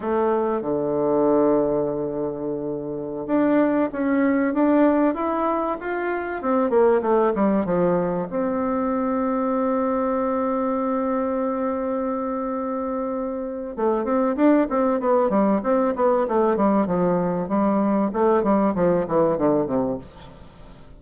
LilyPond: \new Staff \with { instrumentName = "bassoon" } { \time 4/4 \tempo 4 = 96 a4 d2.~ | d4~ d16 d'4 cis'4 d'8.~ | d'16 e'4 f'4 c'8 ais8 a8 g16~ | g16 f4 c'2~ c'8.~ |
c'1~ | c'2 a8 c'8 d'8 c'8 | b8 g8 c'8 b8 a8 g8 f4 | g4 a8 g8 f8 e8 d8 c8 | }